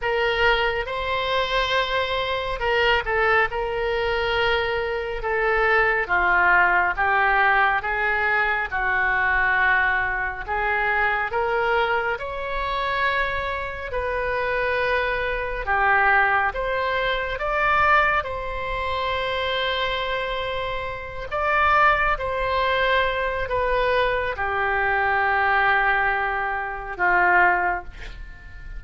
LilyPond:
\new Staff \with { instrumentName = "oboe" } { \time 4/4 \tempo 4 = 69 ais'4 c''2 ais'8 a'8 | ais'2 a'4 f'4 | g'4 gis'4 fis'2 | gis'4 ais'4 cis''2 |
b'2 g'4 c''4 | d''4 c''2.~ | c''8 d''4 c''4. b'4 | g'2. f'4 | }